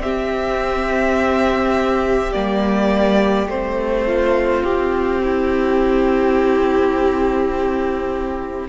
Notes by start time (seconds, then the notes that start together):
0.00 C4 G4 E5
2.33 G3 A#3 D5
3.47 A3 C4 C5
4.07 F4
4.63 C4 G4
5.24 E4